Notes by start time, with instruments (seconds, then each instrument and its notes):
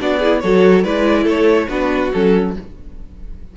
0.00 cello B3, viola D4, violin F#4 D5
0.18 viola E4, violin G#4
0.39 cello F#3, viola F#4, violin A4 C#5
0.83 cello G#3, viola E4, violin B4 D5
1.23 cello A3, violin A4 C#5
1.68 cello B3, viola D4, violin F#4 B4
2.12 cello F#3, viola C#4, violin A4